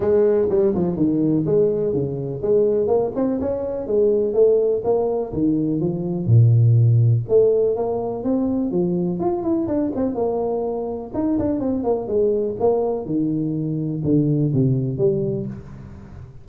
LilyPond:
\new Staff \with { instrumentName = "tuba" } { \time 4/4 \tempo 4 = 124 gis4 g8 f8 dis4 gis4 | cis4 gis4 ais8 c'8 cis'4 | gis4 a4 ais4 dis4 | f4 ais,2 a4 |
ais4 c'4 f4 f'8 e'8 | d'8 c'8 ais2 dis'8 d'8 | c'8 ais8 gis4 ais4 dis4~ | dis4 d4 c4 g4 | }